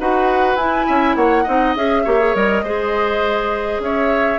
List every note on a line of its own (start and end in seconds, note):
0.00 0.56 D#4
0.00 0.58 F#4
0.00 0.87 B4
0.00 0.56 F#5
0.56 0.85 E4
0.56 1.47 E4
0.56 1.15 G#5
0.87 1.16 C#4
0.87 1.17 E5
1.16 1.45 A#3
1.16 1.44 C#5
1.16 1.75 F#5
1.44 1.76 C4
1.44 1.76 D#4
1.44 2.03 D#5
1.76 2.05 C#4
1.76 2.06 G#4
1.76 2.35 E5
2.05 2.35 A#3
2.05 2.20 G4
2.05 2.63 C#5
2.20 2.35 G#4
2.35 2.63 G3
2.35 2.64 A#4
2.35 3.82 D#5
2.63 3.79 G#3
2.63 4.39 G#4
2.63 3.81 C5
3.79 4.38 C#4
3.79 4.39 C#5
3.79 4.39 E5